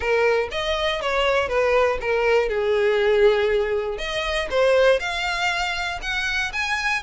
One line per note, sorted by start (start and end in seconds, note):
0.00 0.48 A#4
0.51 1.01 D#5
1.01 1.48 C#5
1.48 1.98 B4
2.00 2.48 A#4
2.48 3.97 G#4
3.97 4.47 D#5
4.50 4.99 C5
4.99 5.99 F5
6.01 6.51 F#5
6.52 7.02 G#5